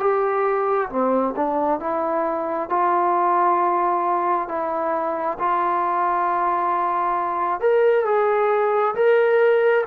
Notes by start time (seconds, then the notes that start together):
0.00 G4
0.90 C4
1.36 D4
1.80 E4
2.70 F4
4.48 E4
5.39 F4
7.60 A#4
8.05 G#4
8.95 A#4